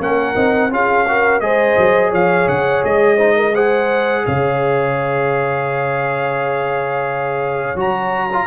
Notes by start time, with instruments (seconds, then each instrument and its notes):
0.00 tuba A#3, trombone C#4, horn A#4, trumpet F#5
0.35 tuba C4, trombone D#4
0.71 tuba C#4, trombone F4, horn G#4, trumpet F5
1.08 trombone F#4, horn A#4
1.40 tuba G#3, trombone G#4, horn C5, trumpet D#5
1.77 tuba F#3
2.11 tuba F3, horn C#5, trumpet F5
2.48 tuba C#3, trumpet F#5
2.84 tuba G#3, trumpet D#5
3.17 trombone D#4, horn C5
3.36 horn A#4
3.54 trombone G#4, horn C5, trumpet F#5
4.26 tuba C#3, horn C#5, trumpet F5
7.75 tuba F#3, trombone F#4, trumpet A#5
8.33 trombone F4